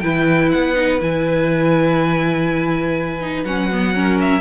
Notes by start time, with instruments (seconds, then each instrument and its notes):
0.00 cello E3, viola E4, violin B4 G5
0.51 cello B3, violin F#5
0.75 viola D#4
1.00 cello E3, viola E4, violin G#5
3.21 viola D#4
3.44 cello F#3, viola C#4, violin F#5
3.72 viola B3
3.95 viola C#4, violin A#4
4.20 violin E5